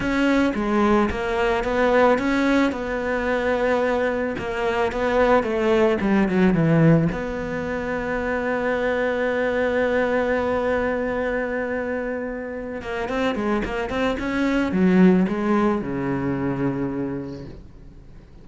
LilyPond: \new Staff \with { instrumentName = "cello" } { \time 4/4 \tempo 4 = 110 cis'4 gis4 ais4 b4 | cis'4 b2. | ais4 b4 a4 g8 fis8 | e4 b2.~ |
b1~ | b2.~ b8 ais8 | c'8 gis8 ais8 c'8 cis'4 fis4 | gis4 cis2. | }